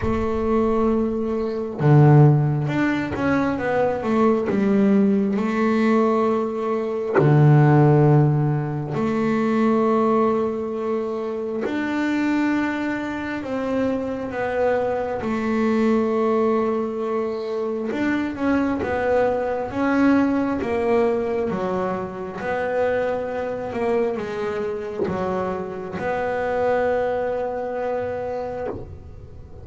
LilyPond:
\new Staff \with { instrumentName = "double bass" } { \time 4/4 \tempo 4 = 67 a2 d4 d'8 cis'8 | b8 a8 g4 a2 | d2 a2~ | a4 d'2 c'4 |
b4 a2. | d'8 cis'8 b4 cis'4 ais4 | fis4 b4. ais8 gis4 | fis4 b2. | }